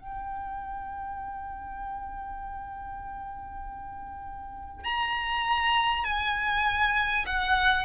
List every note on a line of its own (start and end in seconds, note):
0.00 4.84 G5
4.84 6.04 A#5
6.04 7.25 G#5
7.26 7.85 F#5